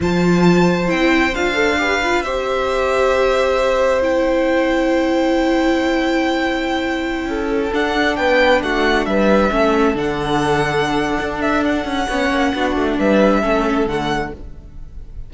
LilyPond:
<<
  \new Staff \with { instrumentName = "violin" } { \time 4/4 \tempo 4 = 134 a''2 g''4 f''4~ | f''4 e''2.~ | e''4 g''2.~ | g''1~ |
g''4~ g''16 fis''4 g''4 fis''8.~ | fis''16 e''2 fis''4.~ fis''16~ | fis''4. e''8 fis''2~ | fis''4 e''2 fis''4 | }
  \new Staff \with { instrumentName = "violin" } { \time 4/4 c''1 | b'4 c''2.~ | c''1~ | c''1~ |
c''16 a'2 b'4 fis'8.~ | fis'16 b'4 a'2~ a'8.~ | a'2. cis''4 | fis'4 b'4 a'2 | }
  \new Staff \with { instrumentName = "viola" } { \time 4/4 f'2 e'4 f'8 a'8 | g'8 f'8 g'2.~ | g'4 e'2.~ | e'1~ |
e'4~ e'16 d'2~ d'8.~ | d'4~ d'16 cis'4 d'4.~ d'16~ | d'2. cis'4 | d'2 cis'4 a4 | }
  \new Staff \with { instrumentName = "cello" } { \time 4/4 f2 c'4 d'4~ | d'4 c'2.~ | c'1~ | c'1~ |
c'16 cis'4 d'4 b4 a8.~ | a16 g4 a4 d4.~ d16~ | d4 d'4. cis'8 b8 ais8 | b8 a8 g4 a4 d4 | }
>>